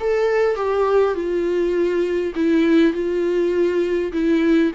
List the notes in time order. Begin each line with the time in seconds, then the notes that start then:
0.00 A4
0.55 G4
1.14 F4
2.35 E4
2.93 F4
4.12 E4